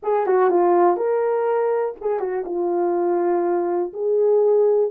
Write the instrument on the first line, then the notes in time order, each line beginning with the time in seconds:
horn
0.02 G#4
0.26 F#4
0.49 F4
0.96 A#4
2.01 G#4
2.19 F#4
2.45 F4
3.93 G#4